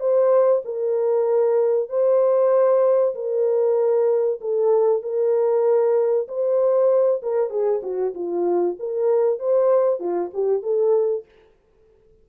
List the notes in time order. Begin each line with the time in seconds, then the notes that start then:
0.00 C5
0.65 A#4
1.89 C5
3.15 A#4
4.41 A4
5.02 A#4
6.28 C5
7.22 A#4
7.50 G#4
7.83 F#4
8.14 F4
8.79 A#4
9.39 C5
10.00 F4
10.34 G4
10.62 A4